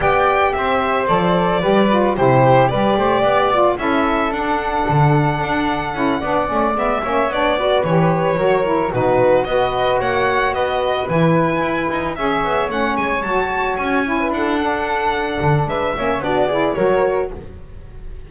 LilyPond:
<<
  \new Staff \with { instrumentName = "violin" } { \time 4/4 \tempo 4 = 111 g''4 e''4 d''2 | c''4 d''2 e''4 | fis''1~ | fis''8 e''4 d''4 cis''4.~ |
cis''8 b'4 dis''4 fis''4 dis''8~ | dis''8 gis''2 e''4 fis''8 | gis''8 a''4 gis''4 fis''4.~ | fis''4 e''4 d''4 cis''4 | }
  \new Staff \with { instrumentName = "flute" } { \time 4/4 d''4 c''2 b'4 | g'4 b'8 c''8 d''4 a'4~ | a'2.~ a'8 d''8~ | d''4 cis''4 b'4. ais'8~ |
ais'8 fis'4 b'4 cis''4 b'8~ | b'2~ b'8 cis''4.~ | cis''2~ cis''16 b'16 a'4.~ | a'4 b'8 cis''8 fis'8 gis'8 ais'4 | }
  \new Staff \with { instrumentName = "saxophone" } { \time 4/4 g'2 a'4 g'8 f'8 | e'4 g'4. f'8 e'4 | d'2. e'8 d'8 | cis'8 b8 cis'8 d'8 fis'8 g'4 fis'8 |
e'8 dis'4 fis'2~ fis'8~ | fis'8 e'2 gis'4 cis'8~ | cis'8 fis'4. e'4 d'4~ | d'4. cis'8 d'8 e'8 fis'4 | }
  \new Staff \with { instrumentName = "double bass" } { \time 4/4 b4 c'4 f4 g4 | c4 g8 a8 b4 cis'4 | d'4 d4 d'4 cis'8 b8 | a8 gis8 ais8 b4 e4 fis8~ |
fis8 b,4 b4 ais4 b8~ | b8 e4 e'8 dis'8 cis'8 b8 a8 | gis8 fis4 cis'4 d'4.~ | d'8 d8 gis8 ais8 b4 fis4 | }
>>